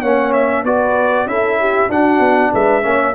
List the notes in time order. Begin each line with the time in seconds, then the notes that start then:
0.00 A#3 C#4 C#5 F#5
0.32 E5
0.63 B3 F#4 B4 D5
1.26 C#4 E4 A4 E5
1.59 G4
1.89 D4 F#4 F#5
2.19 B3
2.52 G#3 B4 E5
2.82 A#3 C#4 C#5